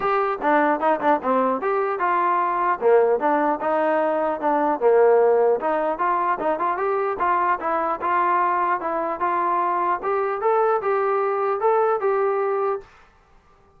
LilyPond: \new Staff \with { instrumentName = "trombone" } { \time 4/4 \tempo 4 = 150 g'4 d'4 dis'8 d'8 c'4 | g'4 f'2 ais4 | d'4 dis'2 d'4 | ais2 dis'4 f'4 |
dis'8 f'8 g'4 f'4 e'4 | f'2 e'4 f'4~ | f'4 g'4 a'4 g'4~ | g'4 a'4 g'2 | }